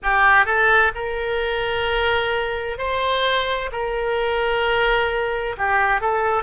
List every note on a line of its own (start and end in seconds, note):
0.03 0.45 G4
0.45 0.91 A4
0.94 2.78 A#4
2.78 3.70 C5
3.72 5.56 A#4
5.57 6.00 G4
6.00 6.43 A4